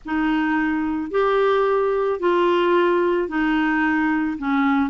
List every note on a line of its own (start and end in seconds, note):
0.05 1.10 D#4
1.10 2.19 G4
2.19 3.28 F4
3.28 4.37 D#4
4.38 4.90 C#4